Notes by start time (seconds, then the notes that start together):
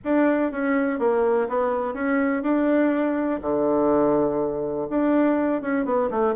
0.04 D4
0.51 C#4
0.99 A#3
1.48 B3
1.94 C#4
2.43 D4
3.41 D3
4.89 D4
5.61 C#4
5.85 B3
6.10 A3